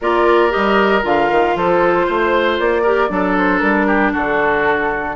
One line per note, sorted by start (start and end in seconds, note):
0.01 0.53 A#3
0.01 0.50 F4
0.01 1.56 A#4
0.01 0.52 D5
0.50 1.04 G3
0.50 1.01 G4
0.50 1.03 D#5
1.02 1.30 D3
1.02 2.83 F4
1.02 1.57 F5
1.30 1.55 D#3
1.55 2.07 F3
1.55 2.06 A4
1.55 2.59 C5
2.06 2.59 A3
2.06 2.82 C5
2.59 3.09 A#3
2.59 3.37 D5
2.82 3.08 G4
2.82 3.08 A#4
3.08 3.61 F#3
3.08 5.15 D4
3.08 3.87 A4
3.37 3.59 C5
3.59 4.13 G3
3.59 4.10 A#4
3.87 4.12 G4
4.12 5.16 D3
4.12 5.16 F#4
4.12 5.16 A4